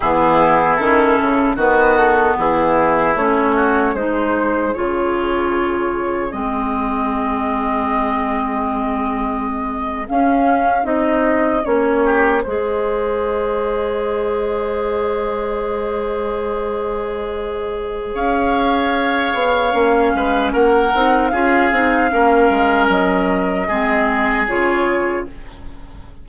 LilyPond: <<
  \new Staff \with { instrumentName = "flute" } { \time 4/4 \tempo 4 = 76 gis'4 a'4 b'8 a'8 gis'4 | cis''4 c''4 cis''2 | dis''1~ | dis''8. f''4 dis''4 cis''4 dis''16~ |
dis''1~ | dis''2. f''4~ | f''2 fis''4 f''4~ | f''4 dis''2 cis''4 | }
  \new Staff \with { instrumentName = "oboe" } { \time 4/4 e'2 fis'4 e'4~ | e'8 fis'8 gis'2.~ | gis'1~ | gis'2.~ gis'16 g'8 c''16~ |
c''1~ | c''2. cis''4~ | cis''4. b'8 ais'4 gis'4 | ais'2 gis'2 | }
  \new Staff \with { instrumentName = "clarinet" } { \time 4/4 b4 cis'4 b2 | cis'4 dis'4 f'2 | c'1~ | c'8. cis'4 dis'4 cis'4 gis'16~ |
gis'1~ | gis'1~ | gis'4 cis'4. dis'8 f'8 dis'8 | cis'2 c'4 f'4 | }
  \new Staff \with { instrumentName = "bassoon" } { \time 4/4 e4 dis8 cis8 dis4 e4 | a4 gis4 cis2 | gis1~ | gis8. cis'4 c'4 ais4 gis16~ |
gis1~ | gis2. cis'4~ | cis'8 b8 ais8 gis8 ais8 c'8 cis'8 c'8 | ais8 gis8 fis4 gis4 cis4 | }
>>